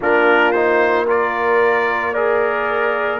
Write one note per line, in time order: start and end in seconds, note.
0.00 3.19 A#3
0.00 0.54 D4
0.00 1.06 F4
0.00 0.51 A#4
0.51 1.07 D#4
0.51 1.05 C5
1.06 2.14 F4
1.06 2.12 A#4
1.06 2.14 D5
2.12 3.19 G#4
2.12 3.19 A#4
2.12 3.19 D5